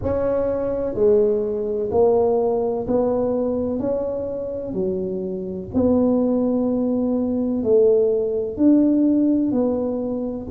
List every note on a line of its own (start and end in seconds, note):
0.03 0.94 C#4
0.94 1.89 G#3
1.90 2.86 A#3
2.87 3.79 B3
3.79 4.73 C#4
4.73 5.68 F#3
5.74 7.63 B3
7.63 8.56 A3
8.56 9.52 D4
9.52 10.47 B3